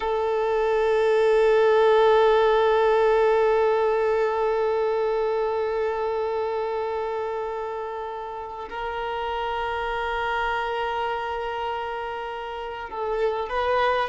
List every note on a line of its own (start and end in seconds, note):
0.00 8.68 A4
8.69 12.89 A#4
12.89 13.49 A4
13.49 14.09 B4